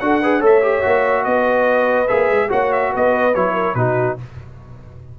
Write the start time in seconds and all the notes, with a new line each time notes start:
0.00 D4 F#4 A4 F#5
0.22 G#4 B4
0.39 A3 A4 C#5
0.45 E5
0.62 G4
0.82 A#3 F#4
1.24 B3 B4 D#5
2.07 A#3 G#4 E5
2.30 G#3
2.49 A#3 F#4 C#5 F#5
2.72 E5
2.91 B3 B4 D#5
3.34 F#3 E4 C#5
3.53 A#4
3.74 B2 D#4 F#4 B4